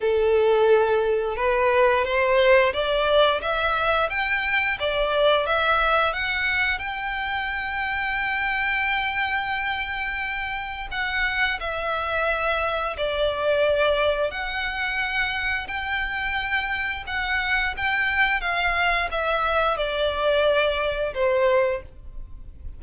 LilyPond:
\new Staff \with { instrumentName = "violin" } { \time 4/4 \tempo 4 = 88 a'2 b'4 c''4 | d''4 e''4 g''4 d''4 | e''4 fis''4 g''2~ | g''1 |
fis''4 e''2 d''4~ | d''4 fis''2 g''4~ | g''4 fis''4 g''4 f''4 | e''4 d''2 c''4 | }